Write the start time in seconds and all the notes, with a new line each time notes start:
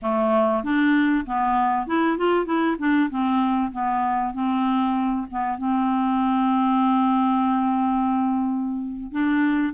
0.01 A3
0.63 D4
1.26 B3
1.86 E4
2.17 F4
2.45 E4
2.78 D4
3.10 C4
3.72 B3
4.33 C4
5.30 B3
5.58 C4
9.11 D4